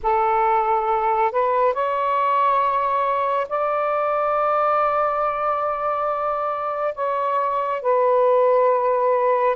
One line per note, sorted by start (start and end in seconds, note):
0.02 1.31 A4
1.31 1.73 B4
1.73 3.47 C#5
3.48 6.94 D5
6.94 7.81 C#5
7.82 9.56 B4